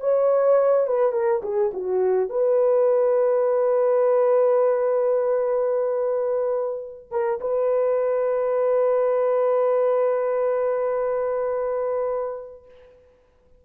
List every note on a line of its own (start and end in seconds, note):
0.00 0.87 C#5
0.87 1.12 B4
1.12 1.41 A#4
1.42 1.71 G#4
1.73 2.29 F#4
2.29 7.10 B4
7.10 7.40 A#4
7.40 12.65 B4